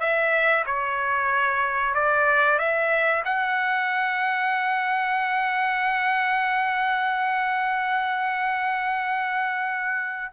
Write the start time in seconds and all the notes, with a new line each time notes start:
0.00 E5
0.66 C#5
1.94 D5
2.59 E5
3.25 F#5